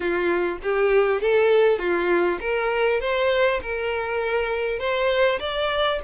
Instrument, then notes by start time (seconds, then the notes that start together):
violin
0.00 F4
0.62 G4
1.21 A4
1.78 F4
2.40 A#4
3.00 C5
3.62 A#4
4.79 C5
5.39 D5